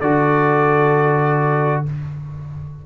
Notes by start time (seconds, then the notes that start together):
0.00 D3 F#4 A4 D5